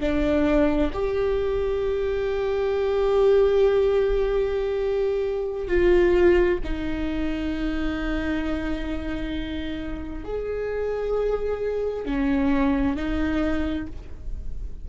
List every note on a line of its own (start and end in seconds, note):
0.00 0.91 D4
0.93 5.68 G4
5.68 6.59 F4
6.64 10.24 D#4
10.24 12.05 G#4
12.05 12.96 C#4
12.96 13.87 D#4